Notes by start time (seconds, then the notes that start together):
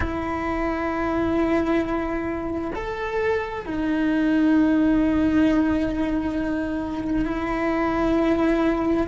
0.00 E4
2.75 A4
3.65 D#4
7.25 E4